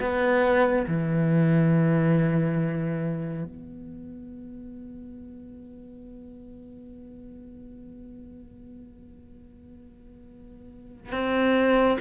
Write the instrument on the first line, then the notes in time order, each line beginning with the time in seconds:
cello
0.00 B3
0.88 E3
3.44 B3
11.12 C4